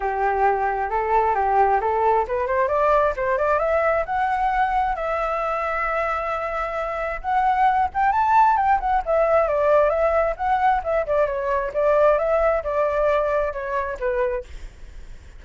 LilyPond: \new Staff \with { instrumentName = "flute" } { \time 4/4 \tempo 4 = 133 g'2 a'4 g'4 | a'4 b'8 c''8 d''4 c''8 d''8 | e''4 fis''2 e''4~ | e''1 |
fis''4. g''8 a''4 g''8 fis''8 | e''4 d''4 e''4 fis''4 | e''8 d''8 cis''4 d''4 e''4 | d''2 cis''4 b'4 | }